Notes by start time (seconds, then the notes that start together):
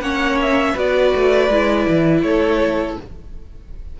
0.00 A#3 C#4 C#5 F#5
0.41 E5
0.73 B3 F#4 B4 D5
1.15 A3
1.49 G#3 E4
1.88 E3
2.22 A3 A4 C#5